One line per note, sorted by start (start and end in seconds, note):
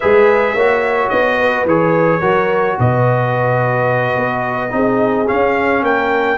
0.00 0.54 G#3
0.00 0.57 G#4
0.00 0.54 B4
0.00 1.09 E5
0.54 1.10 A#3
0.54 1.68 F#4
0.54 1.37 C#5
1.09 1.65 B3
1.09 1.64 D#5
1.39 2.20 B4
1.65 2.20 E3
1.65 2.20 G#4
1.65 2.79 C#5
2.20 2.77 F#3
2.20 4.70 F#4
2.20 2.76 A#4
2.79 4.16 B2
2.79 4.74 B4
2.79 5.28 D#5
4.16 4.72 B3
4.70 5.28 C4
4.70 5.25 D#4
4.70 5.84 G#4
5.27 6.37 C#4
5.27 5.82 C#4
5.27 5.83 F5
5.82 6.37 A#3
5.82 6.37 A#4
5.82 6.37 G5